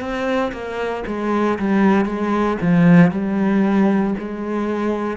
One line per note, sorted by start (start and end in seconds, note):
0.00 0.52 C4
0.52 1.03 A#3
1.07 1.58 G#3
1.59 2.05 G3
2.05 2.57 G#3
2.61 3.11 F3
3.11 4.14 G3
4.18 5.17 G#3